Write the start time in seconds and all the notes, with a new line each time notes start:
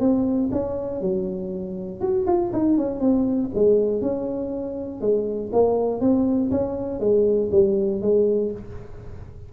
0.00 C4
0.52 C#4
1.02 F#3
2.01 F#4
2.27 F4
2.53 D#4
2.78 C#4
3.01 C4
3.55 G#3
4.02 C#4
5.01 G#3
5.53 A#3
6.01 C4
6.52 C#4
7.00 G#3
7.52 G3
8.02 G#3